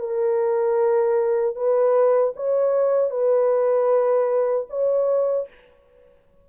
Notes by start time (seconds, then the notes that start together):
0.00 A#4
1.56 B4
2.36 C#5
3.11 B4
4.70 C#5